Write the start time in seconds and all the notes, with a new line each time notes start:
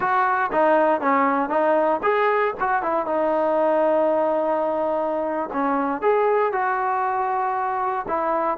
0.00 F#4
0.52 D#4
1.00 C#4
1.49 D#4
2.02 G#4
2.60 F#4
2.82 E4
3.06 D#4
5.52 C#4
6.01 G#4
6.52 F#4
8.07 E4